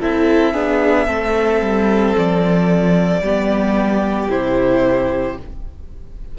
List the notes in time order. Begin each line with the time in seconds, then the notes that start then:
0.00 C4 E4 A4 E5
0.54 B3 D4 G#4
1.06 A3 C4 A4
1.61 G3
2.17 F3 D5
3.21 G3 B3 G4
4.29 C3 E4 C5